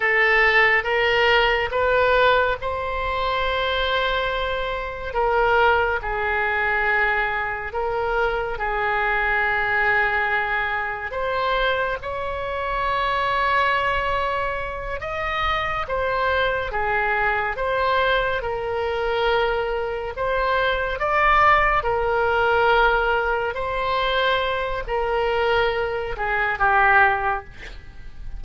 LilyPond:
\new Staff \with { instrumentName = "oboe" } { \time 4/4 \tempo 4 = 70 a'4 ais'4 b'4 c''4~ | c''2 ais'4 gis'4~ | gis'4 ais'4 gis'2~ | gis'4 c''4 cis''2~ |
cis''4. dis''4 c''4 gis'8~ | gis'8 c''4 ais'2 c''8~ | c''8 d''4 ais'2 c''8~ | c''4 ais'4. gis'8 g'4 | }